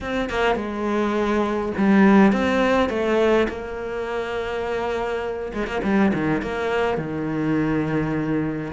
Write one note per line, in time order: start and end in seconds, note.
0.01 0.29 C4
0.29 0.55 A#3
0.55 1.72 G#3
1.77 2.32 G3
2.32 2.89 C4
2.89 3.47 A3
3.48 5.52 A#3
5.53 5.66 G#3
5.66 5.81 A#3
5.83 6.12 G3
6.13 6.42 D#3
6.42 6.97 A#3
6.97 8.72 D#3